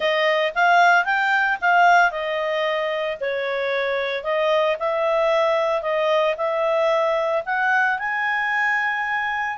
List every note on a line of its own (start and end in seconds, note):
0.00 0.53 D#5
0.55 1.04 F5
1.04 1.57 G5
1.61 2.11 F5
2.11 3.17 D#5
3.20 4.23 C#5
4.23 4.76 D#5
4.79 5.82 E5
5.82 6.35 D#5
6.37 7.43 E5
7.45 7.98 F#5
7.99 9.58 G#5